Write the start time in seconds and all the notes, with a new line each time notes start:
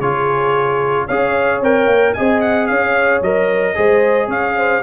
0.00 C#3 F4 G#4 C#5
1.07 C#4 G#4 C#5 F5
1.61 C4 A#4 G5
1.87 A#3
2.14 C4 G#4 D#5 G#5
2.41 F#5
2.67 C#4 C#5 F5
3.21 F#3 A#4 D#5
3.75 G#3 G#4 C5
4.28 C#4 C#5 F5
4.57 C5